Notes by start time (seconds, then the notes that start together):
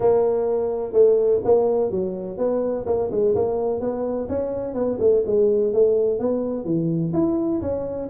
0.00 A#3
0.93 A3
1.44 A#3
1.90 F#3
2.37 B3
2.86 A#3
3.11 G#3
3.35 A#3
3.80 B3
4.28 C#4
4.74 B3
4.99 A3
5.26 G#3
5.73 A3
6.19 B3
6.65 E3
7.13 E4
7.61 C#4